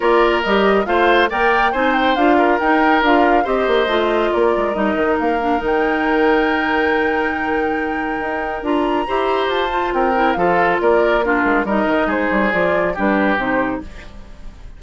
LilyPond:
<<
  \new Staff \with { instrumentName = "flute" } { \time 4/4 \tempo 4 = 139 d''4 dis''4 f''4 g''4 | gis''8 g''8 f''4 g''4 f''4 | dis''2 d''4 dis''4 | f''4 g''2.~ |
g''1 | ais''2 a''4 g''4 | f''4 d''4 ais'4 dis''4 | c''4 d''4 b'4 c''4 | }
  \new Staff \with { instrumentName = "oboe" } { \time 4/4 ais'2 c''4 d''4 | c''4. ais'2~ ais'8 | c''2 ais'2~ | ais'1~ |
ais'1~ | ais'4 c''2 ais'4 | a'4 ais'4 f'4 ais'4 | gis'2 g'2 | }
  \new Staff \with { instrumentName = "clarinet" } { \time 4/4 f'4 g'4 f'4 ais'4 | dis'4 f'4 dis'4 f'4 | g'4 f'2 dis'4~ | dis'8 d'8 dis'2.~ |
dis'1 | f'4 g'4. f'4 e'8 | f'2 d'4 dis'4~ | dis'4 f'4 d'4 dis'4 | }
  \new Staff \with { instrumentName = "bassoon" } { \time 4/4 ais4 g4 a4 ais4 | c'4 d'4 dis'4 d'4 | c'8 ais8 a4 ais8 gis8 g8 dis8 | ais4 dis2.~ |
dis2. dis'4 | d'4 e'4 f'4 c'4 | f4 ais4. gis8 g8 dis8 | gis8 g8 f4 g4 c4 | }
>>